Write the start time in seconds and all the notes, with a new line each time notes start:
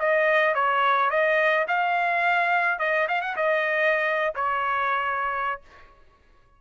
0.00 D#5
0.55 C#5
1.10 D#5
1.68 F5
2.80 D#5
3.09 F5
3.22 F#5
3.37 D#5
4.36 C#5